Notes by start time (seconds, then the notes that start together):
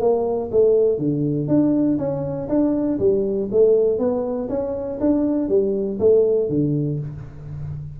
0.00 A#3
0.51 A3
0.98 D3
1.47 D4
1.98 C#4
2.48 D4
2.99 G3
3.51 A3
3.98 B3
4.49 C#4
5.00 D4
5.48 G3
5.99 A3
6.49 D3